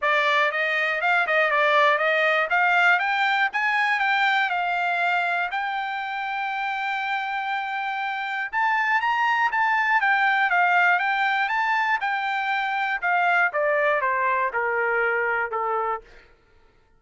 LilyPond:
\new Staff \with { instrumentName = "trumpet" } { \time 4/4 \tempo 4 = 120 d''4 dis''4 f''8 dis''8 d''4 | dis''4 f''4 g''4 gis''4 | g''4 f''2 g''4~ | g''1~ |
g''4 a''4 ais''4 a''4 | g''4 f''4 g''4 a''4 | g''2 f''4 d''4 | c''4 ais'2 a'4 | }